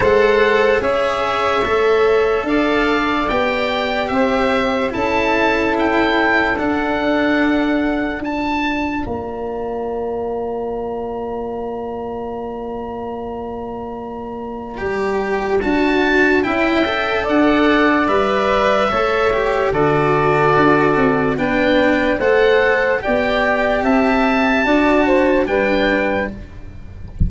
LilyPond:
<<
  \new Staff \with { instrumentName = "oboe" } { \time 4/4 \tempo 4 = 73 fis''4 e''2 f''4 | g''4 e''4 a''4 g''4 | fis''2 a''4 ais''4~ | ais''1~ |
ais''2. a''4 | g''4 fis''4 e''2 | d''2 g''4 fis''4 | g''4 a''2 g''4 | }
  \new Staff \with { instrumentName = "saxophone" } { \time 4/4 c''4 cis''2 d''4~ | d''4 c''4 a'2~ | a'2 d''2~ | d''1~ |
d''1 | e''4 d''2 cis''4 | a'2 b'4 c''4 | d''4 e''4 d''8 c''8 b'4 | }
  \new Staff \with { instrumentName = "cello" } { \time 4/4 a'4 gis'4 a'2 | g'2 e'2 | d'2 f'2~ | f'1~ |
f'2 g'4 fis'4 | e'8 a'4. b'4 a'8 g'8 | fis'2 d'4 a'4 | g'2 fis'4 d'4 | }
  \new Staff \with { instrumentName = "tuba" } { \time 4/4 gis4 cis'4 a4 d'4 | b4 c'4 cis'2 | d'2. ais4~ | ais1~ |
ais2 g4 d'4 | cis'4 d'4 g4 a4 | d4 d'8 c'8 b4 a4 | b4 c'4 d'4 g4 | }
>>